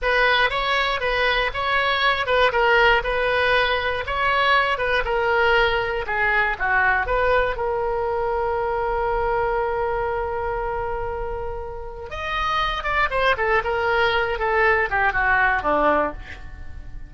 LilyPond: \new Staff \with { instrumentName = "oboe" } { \time 4/4 \tempo 4 = 119 b'4 cis''4 b'4 cis''4~ | cis''8 b'8 ais'4 b'2 | cis''4. b'8 ais'2 | gis'4 fis'4 b'4 ais'4~ |
ais'1~ | ais'1 | dis''4. d''8 c''8 a'8 ais'4~ | ais'8 a'4 g'8 fis'4 d'4 | }